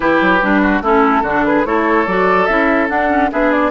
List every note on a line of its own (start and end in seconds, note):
0.00 0.20 E3
0.00 0.40 E4
0.00 0.61 G4
0.00 0.82 B4
0.21 0.41 F#3
0.42 0.81 G3
0.42 0.83 D4
0.61 0.82 F#4
0.81 1.22 A3
0.81 1.25 C#4
0.81 1.22 E4
0.81 1.45 A4
1.22 1.63 D3
1.22 1.65 D4
1.22 1.43 F#4
1.45 1.66 G#4
1.45 1.66 B4
1.65 2.06 A3
1.65 2.07 E4
1.65 3.31 A4
1.65 2.07 C#5
2.06 2.48 F#3
2.06 2.49 F#4
2.06 2.46 D5
2.46 2.89 C#4
2.46 2.89 E4
2.46 2.87 E5
2.89 3.09 D4
2.89 3.31 D4
2.89 3.30 F#5
3.09 3.30 C#4
3.31 3.71 B3
3.31 3.71 D4
3.31 3.71 G#4
3.31 3.51 E5
3.51 3.71 D5